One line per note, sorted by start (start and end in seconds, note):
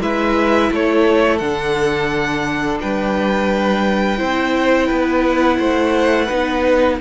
0.00 0.70 G#3
0.00 1.40 E4
0.00 0.72 B4
0.00 0.72 E5
0.71 1.40 A3
0.71 2.82 A4
0.71 1.38 C#5
1.38 2.80 D3
1.38 4.17 D4
1.38 2.78 F#5
2.80 4.20 G3
2.80 4.18 B4
2.80 5.25 G5
4.17 4.90 C4
4.17 6.27 E4
4.17 4.87 C5
4.87 5.59 B3
4.87 5.56 B4
5.27 7.01 F#5
5.58 6.29 A3
5.58 6.25 C5
6.25 7.00 B3
6.25 6.99 D#4
6.25 6.94 B4